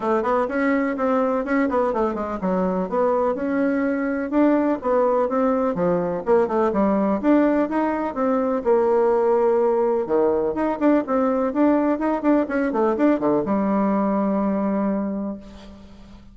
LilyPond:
\new Staff \with { instrumentName = "bassoon" } { \time 4/4 \tempo 4 = 125 a8 b8 cis'4 c'4 cis'8 b8 | a8 gis8 fis4 b4 cis'4~ | cis'4 d'4 b4 c'4 | f4 ais8 a8 g4 d'4 |
dis'4 c'4 ais2~ | ais4 dis4 dis'8 d'8 c'4 | d'4 dis'8 d'8 cis'8 a8 d'8 d8 | g1 | }